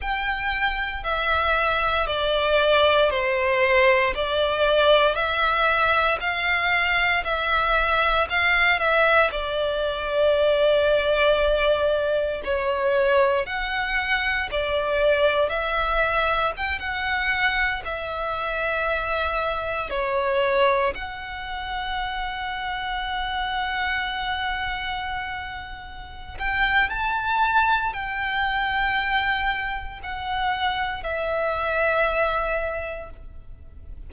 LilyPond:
\new Staff \with { instrumentName = "violin" } { \time 4/4 \tempo 4 = 58 g''4 e''4 d''4 c''4 | d''4 e''4 f''4 e''4 | f''8 e''8 d''2. | cis''4 fis''4 d''4 e''4 |
g''16 fis''4 e''2 cis''8.~ | cis''16 fis''2.~ fis''8.~ | fis''4. g''8 a''4 g''4~ | g''4 fis''4 e''2 | }